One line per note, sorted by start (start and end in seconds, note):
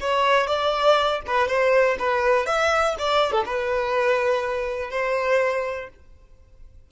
0.00 0.46 C#5
0.46 1.20 D5
1.26 1.48 B4
1.48 1.97 C5
1.99 2.46 B4
2.46 2.95 E5
2.98 3.32 D5
3.32 3.44 A4
3.45 4.90 B4
4.90 5.89 C5